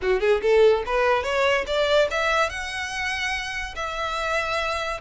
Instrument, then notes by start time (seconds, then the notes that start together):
violin
0.02 F#4
0.20 G#4
0.41 A4
0.86 B4
1.23 C#5
1.66 D5
2.10 E5
2.49 F#5
3.75 E5